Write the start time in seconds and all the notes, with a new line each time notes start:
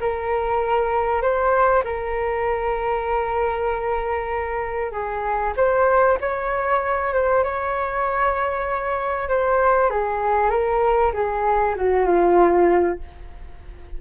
0.00 A#4
1.22 C5
1.84 A#4
4.91 G#4
5.56 C5
6.20 C#5
7.14 C5
7.44 C#5
9.28 C5
9.90 G#4
10.50 A#4
11.13 G#4
11.76 F#4
12.06 F4